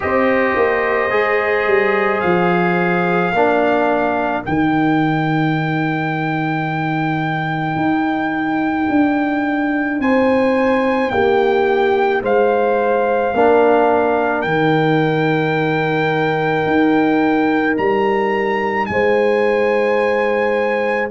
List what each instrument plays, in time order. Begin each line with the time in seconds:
0.00 tuba C4, trombone G4, horn C5, trumpet D#5
0.55 tuba A#3
1.10 tuba G#3, trombone G#4
1.66 tuba G3
2.20 tuba F3, trumpet F5
3.32 tuba A#3, trombone D4, horn A#4
4.42 tuba D#3, trombone D#4, trumpet G5
7.76 tuba D#4
8.89 tuba D4
9.99 tuba C4, horn C5, trumpet G#5
11.10 tuba A#3, horn G4, trumpet G5
12.22 tuba G#3, horn C5, trumpet F5
13.34 tuba A#3, trombone D4, horn A#4
14.41 tuba D#3, trombone D#4, trumpet G5
16.66 tuba D#4
17.77 tuba G3, trumpet A#5
18.86 tuba G#3, trumpet G#5
18.92 horn C5